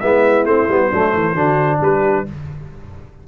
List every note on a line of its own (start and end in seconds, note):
0.00 0.45 G#3
0.00 0.47 B3
0.00 0.90 E4
0.00 0.45 E5
0.45 0.68 A3
0.45 0.69 C4
0.45 1.80 C5
0.68 0.91 G3
0.68 0.92 B3
0.90 1.14 F#3
0.90 1.36 A3
0.90 1.13 D4
1.14 1.34 E3
1.14 1.34 E4
1.34 1.79 D3
1.34 2.25 D4
1.34 1.78 F#4
1.81 2.26 G3
1.81 2.27 G4
1.81 2.28 B4